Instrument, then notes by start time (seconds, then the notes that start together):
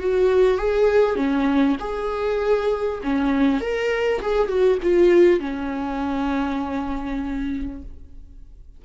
viola
0.00 F#4
0.58 G#4
1.16 C#4
1.80 G#4
3.03 C#4
3.61 A#4
4.21 G#4
4.48 F#4
4.83 F4
5.40 C#4